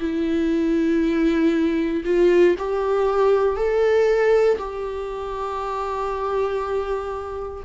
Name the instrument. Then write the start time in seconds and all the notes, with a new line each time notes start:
viola
0.00 E4
2.04 F4
2.58 G4
3.56 A4
4.58 G4